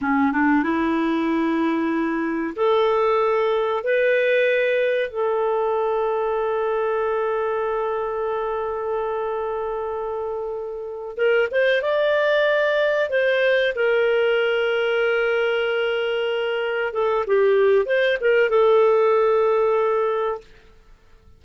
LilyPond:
\new Staff \with { instrumentName = "clarinet" } { \time 4/4 \tempo 4 = 94 cis'8 d'8 e'2. | a'2 b'2 | a'1~ | a'1~ |
a'4. ais'8 c''8 d''4.~ | d''8 c''4 ais'2~ ais'8~ | ais'2~ ais'8 a'8 g'4 | c''8 ais'8 a'2. | }